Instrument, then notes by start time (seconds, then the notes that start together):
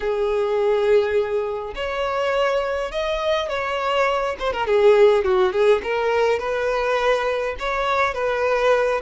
violin
0.00 G#4
1.75 C#5
2.91 D#5
3.48 C#5
4.39 C5
4.53 A#4
4.66 G#4
5.24 F#4
5.52 G#4
5.83 A#4
6.39 B4
7.59 C#5
8.14 B4